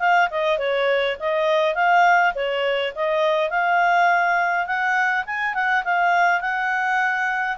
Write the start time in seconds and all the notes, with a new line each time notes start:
0.00 F5
0.31 D#5
0.59 C#5
1.20 D#5
1.75 F5
2.35 C#5
2.96 D#5
3.51 F5
4.67 F#5
5.26 G#5
5.55 F#5
5.85 F5
6.41 F#5